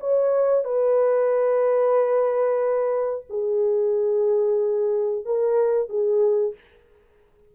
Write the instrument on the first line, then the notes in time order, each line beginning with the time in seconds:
horn
0.00 C#5
0.65 B4
3.30 G#4
5.25 A#4
5.90 G#4